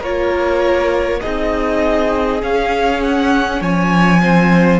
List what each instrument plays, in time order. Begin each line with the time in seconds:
0.00 cello A#3, viola F4, violin A#4 C#5
1.21 cello C4, viola D#4, violin G#4 D#5
2.41 viola C#4, cello C#4, violin F5
3.02 violin F#5
3.61 cello F3, violin C#5 G#5
4.21 viola C4, violin C5